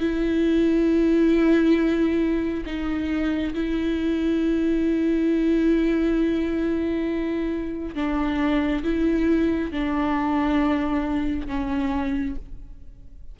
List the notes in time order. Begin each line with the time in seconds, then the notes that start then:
0.00 E4
2.66 D#4
3.55 E4
7.95 D4
8.84 E4
9.72 D4
11.47 C#4